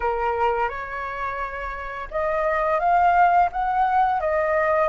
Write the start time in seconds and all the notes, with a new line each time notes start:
0.00 A#4
0.68 C#5
2.10 D#5
2.79 F5
3.51 F#5
4.20 D#5